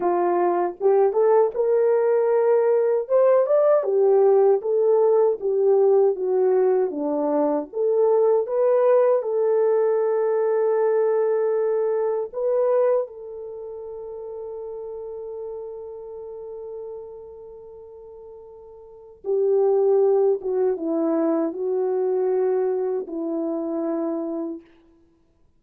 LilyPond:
\new Staff \with { instrumentName = "horn" } { \time 4/4 \tempo 4 = 78 f'4 g'8 a'8 ais'2 | c''8 d''8 g'4 a'4 g'4 | fis'4 d'4 a'4 b'4 | a'1 |
b'4 a'2.~ | a'1~ | a'4 g'4. fis'8 e'4 | fis'2 e'2 | }